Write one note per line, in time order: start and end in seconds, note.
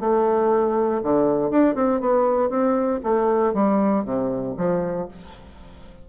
0.00 1.02 A3
1.03 1.50 D3
1.50 1.75 D4
1.75 2.00 C4
2.00 2.50 B3
2.50 3.00 C4
3.03 3.54 A3
3.54 4.04 G3
4.04 4.55 C3
4.57 5.08 F3